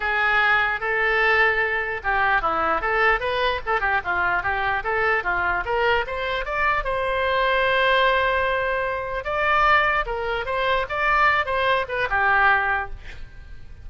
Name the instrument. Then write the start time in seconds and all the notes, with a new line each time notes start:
oboe
0.00 G#4
0.80 A4
2.03 G4
2.41 E4
2.81 A4
3.20 B4
3.66 A4
3.80 G4
4.04 F4
4.42 G4
4.83 A4
5.23 F4
5.65 A#4
6.07 C5
6.45 D5
6.84 C5
9.24 D5
10.06 A#4
10.45 C5
10.89 D5
11.45 C5
11.88 B4
12.09 G4